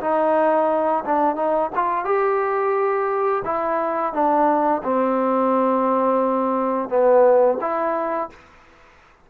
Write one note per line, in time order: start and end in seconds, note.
0.00 1.03 D#4
1.04 1.35 D4
1.35 1.70 D#4
1.75 2.04 F4
2.04 3.42 G4
3.45 4.13 E4
4.13 4.82 D4
4.83 6.89 C4
6.89 7.58 B3
7.60 8.29 E4